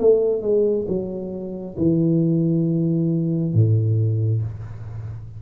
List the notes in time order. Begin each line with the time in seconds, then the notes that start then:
0.00 A3
0.42 G#3
0.88 F#3
1.78 E3
3.54 A2